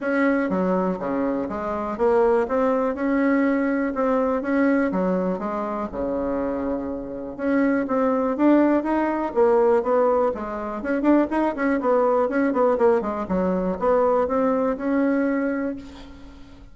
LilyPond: \new Staff \with { instrumentName = "bassoon" } { \time 4/4 \tempo 4 = 122 cis'4 fis4 cis4 gis4 | ais4 c'4 cis'2 | c'4 cis'4 fis4 gis4 | cis2. cis'4 |
c'4 d'4 dis'4 ais4 | b4 gis4 cis'8 d'8 dis'8 cis'8 | b4 cis'8 b8 ais8 gis8 fis4 | b4 c'4 cis'2 | }